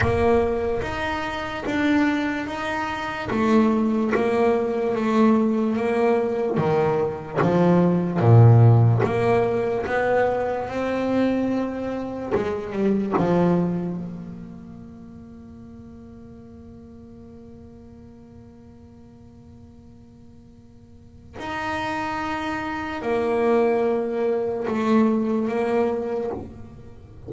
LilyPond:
\new Staff \with { instrumentName = "double bass" } { \time 4/4 \tempo 4 = 73 ais4 dis'4 d'4 dis'4 | a4 ais4 a4 ais4 | dis4 f4 ais,4 ais4 | b4 c'2 gis8 g8 |
f4 ais2.~ | ais1~ | ais2 dis'2 | ais2 a4 ais4 | }